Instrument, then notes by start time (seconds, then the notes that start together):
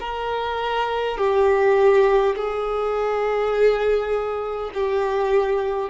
violin
0.00 A#4
1.18 G4
2.36 G#4
4.74 G4